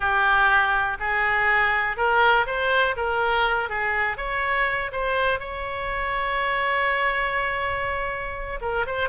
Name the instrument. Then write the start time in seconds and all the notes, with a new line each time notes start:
oboe
0.00 G4
0.99 G#4
1.96 A#4
2.46 C5
2.96 A#4
3.69 G#4
4.17 C#5
4.92 C5
5.39 C#5
8.61 A#4
8.86 C5